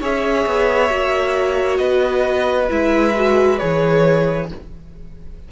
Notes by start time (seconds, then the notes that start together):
0.00 C#4 G#4 C#5 E5
0.46 B3
0.89 A#3 F#4
1.77 B3 B4 D#5
2.69 G#3 E4 E5
3.15 F#4
3.58 E3 G#4 C#5